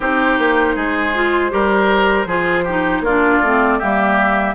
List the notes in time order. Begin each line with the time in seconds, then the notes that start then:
0.00 C4 D#4 G4 C5
0.38 A#3
0.75 G#3 G#4
1.14 F4
1.50 G3 G4 A#4
2.25 F3 F4 G#4
2.64 D#4 G4
3.00 A#3 F4 D5
3.06 D4
3.42 A3 C4
3.78 G3 A#3 G4 E5